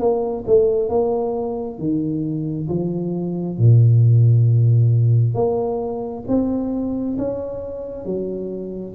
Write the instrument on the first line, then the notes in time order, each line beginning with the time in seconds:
tuba
0.00 A#3
0.47 A3
0.90 A#3
1.79 D#3
2.69 F3
3.59 A#2
5.35 A#3
6.28 C4
7.18 C#4
8.06 F#3